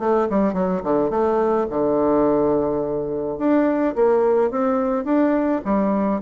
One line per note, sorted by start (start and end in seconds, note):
0.00 0.28 A3
0.30 0.54 G3
0.54 0.82 F#3
0.84 1.10 D3
1.10 1.67 A3
1.70 3.39 D3
3.39 3.95 D4
3.96 4.51 A#3
4.51 5.05 C4
5.05 5.62 D4
5.65 6.22 G3